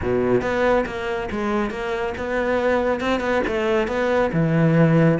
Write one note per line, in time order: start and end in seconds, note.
0.01 0.41 B2
0.41 0.84 B3
0.86 1.29 A#3
1.31 1.70 G#3
1.70 2.13 A#3
2.17 3.00 B3
3.00 3.20 C4
3.20 3.42 B3
3.47 3.87 A3
3.87 4.30 B3
4.32 5.19 E3